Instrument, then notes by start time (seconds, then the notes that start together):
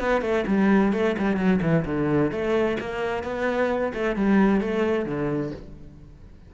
cello
0.00 B3
0.22 A3
0.47 G3
0.93 A3
1.19 G3
1.37 F#3
1.62 E3
1.86 D3
2.32 A3
2.80 A#3
3.24 B3
3.94 A3
4.16 G3
4.61 A3
5.06 D3